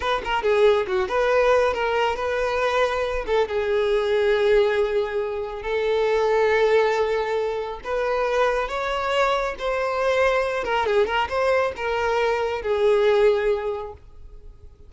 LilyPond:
\new Staff \with { instrumentName = "violin" } { \time 4/4 \tempo 4 = 138 b'8 ais'8 gis'4 fis'8 b'4. | ais'4 b'2~ b'8 a'8 | gis'1~ | gis'4 a'2.~ |
a'2 b'2 | cis''2 c''2~ | c''8 ais'8 gis'8 ais'8 c''4 ais'4~ | ais'4 gis'2. | }